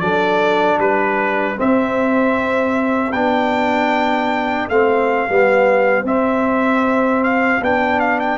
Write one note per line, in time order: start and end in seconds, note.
0.00 0.78 F#3
0.00 1.56 D4
0.00 0.80 A4
0.00 0.78 D5
0.78 1.56 G3
0.78 8.38 G4
0.78 1.58 B4
1.56 3.12 C4
1.56 3.14 C4
1.56 3.12 E5
3.12 4.69 B3
3.12 4.70 D4
3.12 4.68 G5
4.69 5.27 A3
4.69 5.28 C4
4.69 6.05 F5
5.28 6.03 G3
5.28 6.05 B3
6.03 7.59 C4
6.03 7.61 C4
6.03 7.23 E5
7.23 7.62 F5
7.60 8.38 B3
7.60 8.38 D4
7.60 7.99 G5
7.99 8.19 F5
8.19 8.38 G5